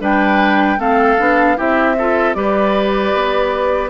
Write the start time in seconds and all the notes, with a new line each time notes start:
0.00 G3 D4 B4 G5
0.78 A3 C4 A4 F5
1.18 B3 D4
1.56 C4 E4 G4 E5
1.98 F4 A4
2.34 G3 G4 B4 D5
3.14 B3